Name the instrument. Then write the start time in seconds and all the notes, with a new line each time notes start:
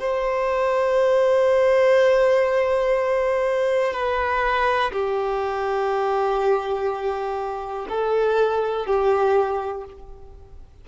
violin
0.00 C5
3.93 B4
4.92 G4
7.89 A4
8.86 G4